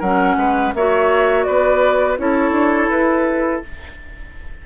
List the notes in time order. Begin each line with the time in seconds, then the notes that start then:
0.00 F#3 C#4 A#4 F#5
0.37 G#3 B4
0.75 A#3 F#4 C#5 E5
1.44 B3 B4 D5
2.18 C#4 E4 A4 C#5
2.52 D4
2.90 E4 B4